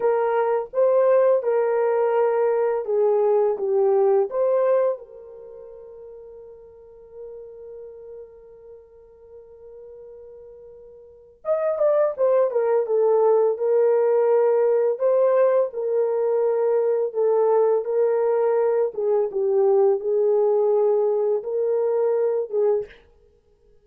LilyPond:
\new Staff \with { instrumentName = "horn" } { \time 4/4 \tempo 4 = 84 ais'4 c''4 ais'2 | gis'4 g'4 c''4 ais'4~ | ais'1~ | ais'1 |
dis''8 d''8 c''8 ais'8 a'4 ais'4~ | ais'4 c''4 ais'2 | a'4 ais'4. gis'8 g'4 | gis'2 ais'4. gis'8 | }